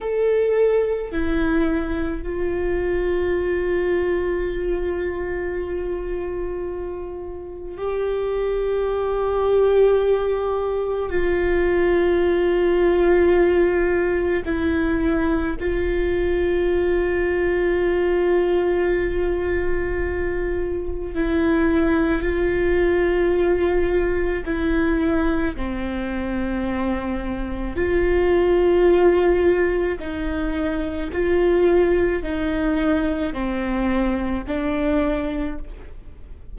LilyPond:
\new Staff \with { instrumentName = "viola" } { \time 4/4 \tempo 4 = 54 a'4 e'4 f'2~ | f'2. g'4~ | g'2 f'2~ | f'4 e'4 f'2~ |
f'2. e'4 | f'2 e'4 c'4~ | c'4 f'2 dis'4 | f'4 dis'4 c'4 d'4 | }